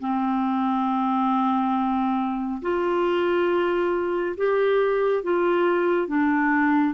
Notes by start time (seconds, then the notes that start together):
0.00 C4
2.62 F4
4.37 G4
5.23 F4
6.07 D4